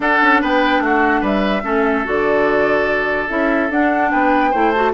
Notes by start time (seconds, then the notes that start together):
0.00 D4 A4 F#5
0.21 C#4
0.41 B3 B4 G5
0.80 A3 F#4 F#5
1.20 G3 B4 E5
1.63 A3 C#4 A4
2.04 D3 F#4 D5
3.28 C#4 E4 E5
3.70 D4 F#5
4.11 B3 B4 G5
4.51 A3 E4 C5
4.71 F#4 A5